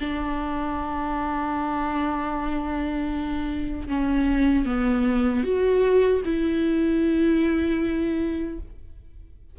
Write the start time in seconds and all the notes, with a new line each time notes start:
0.00 D4
3.88 C#4
4.66 B3
5.44 F#4
6.25 E4